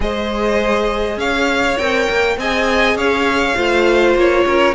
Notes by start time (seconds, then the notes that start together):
0.00 G#3 G#4 C5 D#5
1.17 C#4 C#5 F5
1.77 C4 A#4 G5
2.09 A#3
2.37 C4 G#4 D#5 G#5
2.95 C#4 C#5 F5
3.55 A3 F4 C5
4.15 A#3 C#5
4.46 C#4 A#4